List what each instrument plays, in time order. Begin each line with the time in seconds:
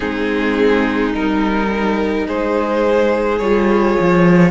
0.00 cello G#3, viola C4, violin D#4 G#4
1.13 cello G3, viola D#4, violin A#4
2.27 cello G#3, violin G#4 C5
3.38 cello G3, viola F4, violin C#5
4.00 cello F3